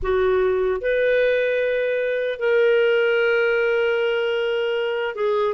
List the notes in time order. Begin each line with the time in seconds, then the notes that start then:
0.02 F#4
0.81 B4
2.39 A#4
5.15 G#4